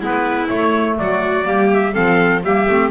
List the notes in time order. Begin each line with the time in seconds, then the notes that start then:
0.00 G#3 B3 E4 B4
0.48 A3 C#5
0.98 F#3 F#4 D5
1.44 G3 A#3 G4
1.73 E5
1.93 F3 C4 A4 F5
2.44 G3 A#3 G4 E5
2.68 A3 C4